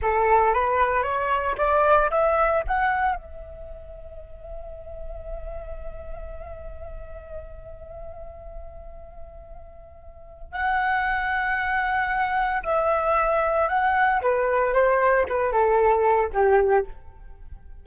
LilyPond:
\new Staff \with { instrumentName = "flute" } { \time 4/4 \tempo 4 = 114 a'4 b'4 cis''4 d''4 | e''4 fis''4 e''2~ | e''1~ | e''1~ |
e''1 | fis''1 | e''2 fis''4 b'4 | c''4 b'8 a'4. g'4 | }